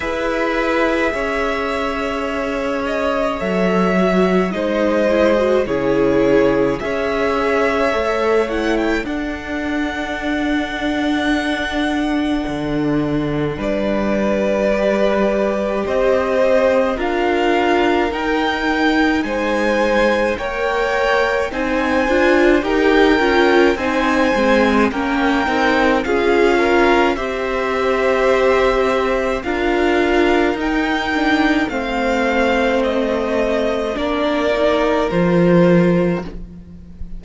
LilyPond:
<<
  \new Staff \with { instrumentName = "violin" } { \time 4/4 \tempo 4 = 53 e''2~ e''8 dis''8 e''4 | dis''4 cis''4 e''4. fis''16 g''16 | fis''1 | d''2 dis''4 f''4 |
g''4 gis''4 g''4 gis''4 | g''4 gis''4 g''4 f''4 | e''2 f''4 g''4 | f''4 dis''4 d''4 c''4 | }
  \new Staff \with { instrumentName = "violin" } { \time 4/4 b'4 cis''2. | c''4 gis'4 cis''2 | a'1 | b'2 c''4 ais'4~ |
ais'4 c''4 cis''4 c''4 | ais'4 c''4 ais'4 gis'8 ais'8 | c''2 ais'2 | c''2 ais'2 | }
  \new Staff \with { instrumentName = "viola" } { \time 4/4 gis'2. a'8 fis'8 | dis'8 e'16 fis'16 e'4 gis'4 a'8 e'8 | d'1~ | d'4 g'2 f'4 |
dis'2 ais'4 dis'8 f'8 | g'8 f'8 dis'8 c'8 cis'8 dis'8 f'4 | g'2 f'4 dis'8 d'8 | c'2 d'8 dis'8 f'4 | }
  \new Staff \with { instrumentName = "cello" } { \time 4/4 e'4 cis'2 fis4 | gis4 cis4 cis'4 a4 | d'2. d4 | g2 c'4 d'4 |
dis'4 gis4 ais4 c'8 d'8 | dis'8 cis'8 c'8 gis8 ais8 c'8 cis'4 | c'2 d'4 dis'4 | a2 ais4 f4 | }
>>